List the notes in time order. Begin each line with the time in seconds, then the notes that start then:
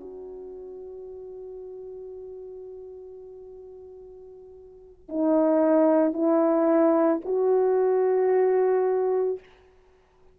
0.00 F#4
5.08 D#4
6.13 E4
7.25 F#4